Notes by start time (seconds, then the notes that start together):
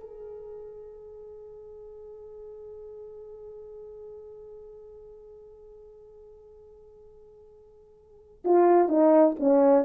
0.00 G#4
8.44 F4
8.88 D#4
9.39 C#4